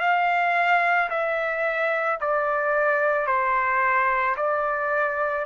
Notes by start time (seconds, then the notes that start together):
0.00 F5
1.10 E5
2.21 D5
3.27 C5
4.37 D5